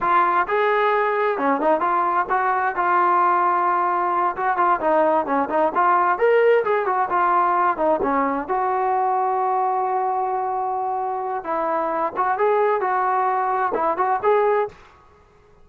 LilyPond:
\new Staff \with { instrumentName = "trombone" } { \time 4/4 \tempo 4 = 131 f'4 gis'2 cis'8 dis'8 | f'4 fis'4 f'2~ | f'4. fis'8 f'8 dis'4 cis'8 | dis'8 f'4 ais'4 gis'8 fis'8 f'8~ |
f'4 dis'8 cis'4 fis'4.~ | fis'1~ | fis'4 e'4. fis'8 gis'4 | fis'2 e'8 fis'8 gis'4 | }